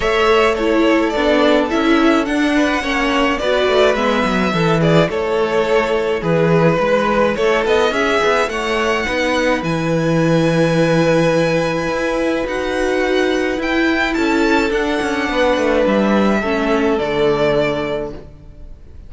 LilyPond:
<<
  \new Staff \with { instrumentName = "violin" } { \time 4/4 \tempo 4 = 106 e''4 cis''4 d''4 e''4 | fis''2 d''4 e''4~ | e''8 d''8 cis''2 b'4~ | b'4 cis''8 dis''8 e''4 fis''4~ |
fis''4 gis''2.~ | gis''2 fis''2 | g''4 a''4 fis''2 | e''2 d''2 | }
  \new Staff \with { instrumentName = "violin" } { \time 4/4 cis''4 a'2.~ | a'8 b'8 cis''4 b'2 | a'8 gis'8 a'2 gis'4 | b'4 a'4 gis'4 cis''4 |
b'1~ | b'1~ | b'4 a'2 b'4~ | b'4 a'2. | }
  \new Staff \with { instrumentName = "viola" } { \time 4/4 a'4 e'4 d'4 e'4 | d'4 cis'4 fis'4 b4 | e'1~ | e'1 |
dis'4 e'2.~ | e'2 fis'2 | e'2 d'2~ | d'4 cis'4 a2 | }
  \new Staff \with { instrumentName = "cello" } { \time 4/4 a2 b4 cis'4 | d'4 ais4 b8 a8 gis8 fis8 | e4 a2 e4 | gis4 a8 b8 cis'8 b8 a4 |
b4 e2.~ | e4 e'4 dis'2 | e'4 cis'4 d'8 cis'8 b8 a8 | g4 a4 d2 | }
>>